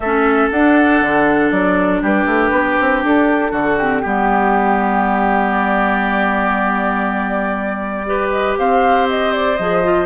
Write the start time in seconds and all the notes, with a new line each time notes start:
0.00 A3 C#4 A4 E5
0.50 D4 F#5
1.01 D3
1.51 F#3 D5
2.01 G3 G4 B4
2.25 A3
2.51 B3
2.80 C4
3.04 D4 A4
3.51 D3 F#4
3.77 C4 G4
4.01 G3 B3 G4
5.51 D5
8.06 G4 B4
8.30 D#5
8.58 C4 C5 F5
9.09 D#5
9.32 D5
9.56 F3 G#4 D#5
9.83 F4